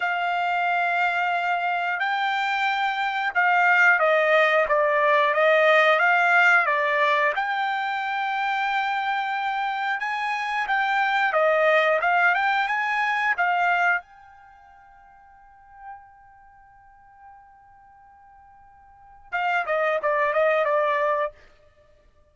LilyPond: \new Staff \with { instrumentName = "trumpet" } { \time 4/4 \tempo 4 = 90 f''2. g''4~ | g''4 f''4 dis''4 d''4 | dis''4 f''4 d''4 g''4~ | g''2. gis''4 |
g''4 dis''4 f''8 g''8 gis''4 | f''4 g''2.~ | g''1~ | g''4 f''8 dis''8 d''8 dis''8 d''4 | }